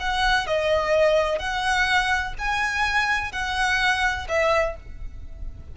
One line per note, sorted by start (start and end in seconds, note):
0.00 0.47 F#5
0.47 1.39 D#5
1.39 2.35 F#5
2.39 3.32 G#5
3.32 4.28 F#5
4.29 4.76 E5